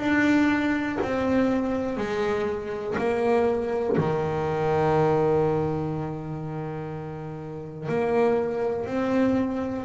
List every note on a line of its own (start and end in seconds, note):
0.00 0.99 D4
1.02 1.98 C4
1.98 2.96 G#3
2.99 3.97 A#3
3.98 7.89 D#3
7.89 8.87 A#3
8.87 9.85 C4